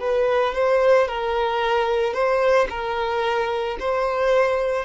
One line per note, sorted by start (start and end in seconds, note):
0.00 0.54 B4
0.54 1.08 C5
1.08 2.14 A#4
2.14 2.68 C5
2.70 3.78 A#4
3.80 4.85 C5